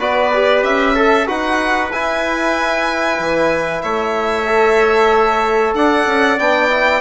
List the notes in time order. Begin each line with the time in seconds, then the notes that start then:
0.00 B3 F#4 B4 D5
0.34 G4
0.63 C#4 E5
0.95 A4
1.27 D#4 F#4 B4 F#5
1.91 E4 G#5
3.20 E3
3.82 A3 C#5 E5
4.46 A4
5.74 D4 D5 F#5
6.07 C#4
6.38 B3 D4 G5
6.69 E4